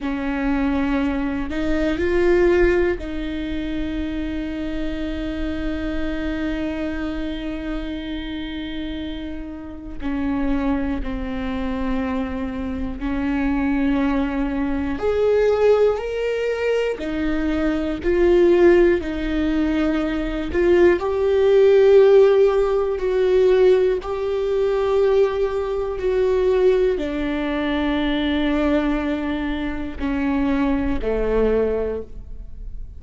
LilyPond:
\new Staff \with { instrumentName = "viola" } { \time 4/4 \tempo 4 = 60 cis'4. dis'8 f'4 dis'4~ | dis'1~ | dis'2 cis'4 c'4~ | c'4 cis'2 gis'4 |
ais'4 dis'4 f'4 dis'4~ | dis'8 f'8 g'2 fis'4 | g'2 fis'4 d'4~ | d'2 cis'4 a4 | }